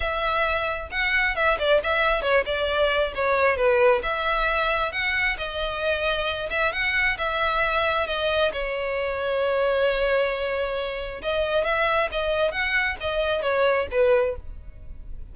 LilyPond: \new Staff \with { instrumentName = "violin" } { \time 4/4 \tempo 4 = 134 e''2 fis''4 e''8 d''8 | e''4 cis''8 d''4. cis''4 | b'4 e''2 fis''4 | dis''2~ dis''8 e''8 fis''4 |
e''2 dis''4 cis''4~ | cis''1~ | cis''4 dis''4 e''4 dis''4 | fis''4 dis''4 cis''4 b'4 | }